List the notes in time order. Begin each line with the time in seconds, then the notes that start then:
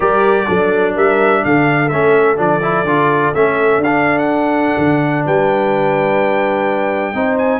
0.00 G3 G4 A#4 D5
0.46 F#3 D4 A4
0.93 G3 A#4 E5
1.44 D3 A4 F5
1.88 A3 C#4 E5
2.36 F3 D4 D5
2.62 E4
2.84 D3 F4
3.34 A3 C#4 E5
3.77 D4 F5
3.85 D4
4.18 F#5
4.77 D3
5.24 G3 B4 G5
7.13 C4 D#4 C5
7.37 G#5